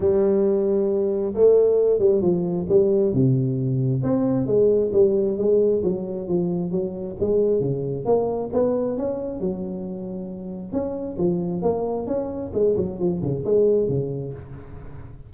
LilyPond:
\new Staff \with { instrumentName = "tuba" } { \time 4/4 \tempo 4 = 134 g2. a4~ | a8 g8 f4 g4 c4~ | c4 c'4 gis4 g4 | gis4 fis4 f4 fis4 |
gis4 cis4 ais4 b4 | cis'4 fis2. | cis'4 f4 ais4 cis'4 | gis8 fis8 f8 cis8 gis4 cis4 | }